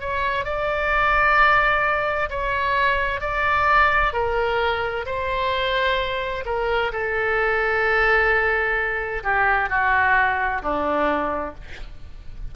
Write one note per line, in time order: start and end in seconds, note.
0.00 0.44 C#5
0.44 2.29 D5
2.30 3.20 C#5
3.20 4.12 D5
4.13 5.05 A#4
5.06 6.44 C5
6.45 6.91 A#4
6.92 9.23 A4
9.23 9.69 G4
9.69 10.62 F#4
10.62 11.54 D4